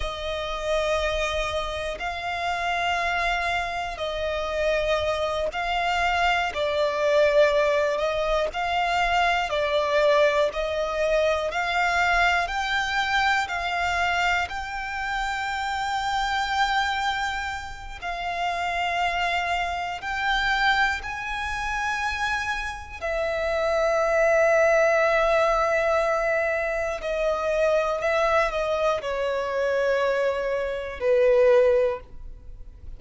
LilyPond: \new Staff \with { instrumentName = "violin" } { \time 4/4 \tempo 4 = 60 dis''2 f''2 | dis''4. f''4 d''4. | dis''8 f''4 d''4 dis''4 f''8~ | f''8 g''4 f''4 g''4.~ |
g''2 f''2 | g''4 gis''2 e''4~ | e''2. dis''4 | e''8 dis''8 cis''2 b'4 | }